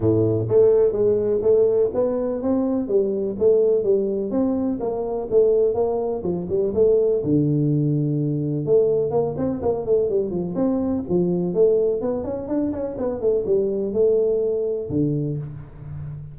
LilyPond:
\new Staff \with { instrumentName = "tuba" } { \time 4/4 \tempo 4 = 125 a,4 a4 gis4 a4 | b4 c'4 g4 a4 | g4 c'4 ais4 a4 | ais4 f8 g8 a4 d4~ |
d2 a4 ais8 c'8 | ais8 a8 g8 f8 c'4 f4 | a4 b8 cis'8 d'8 cis'8 b8 a8 | g4 a2 d4 | }